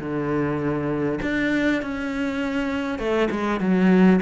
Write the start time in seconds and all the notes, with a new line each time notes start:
0.00 D3
1.22 D4
1.82 C#4
2.99 A3
3.31 G#3
3.61 F#3